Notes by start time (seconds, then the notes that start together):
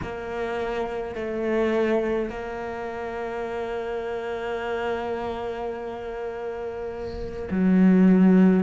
0.02 A#3
1.15 A3
2.29 A#3
7.51 F#3